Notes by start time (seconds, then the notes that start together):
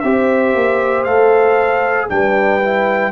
0.00 C4 G4 C5 E5
0.54 A#3
1.04 A3 A4 F5
2.09 G3 D4 B4 G5
2.62 E4